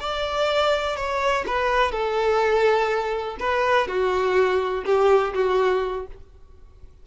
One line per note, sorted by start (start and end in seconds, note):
0.00 0.97 D5
0.97 1.45 C#5
1.47 1.92 B4
1.92 3.37 A4
3.40 3.88 B4
3.88 4.85 F#4
4.85 5.34 G4
5.34 6.07 F#4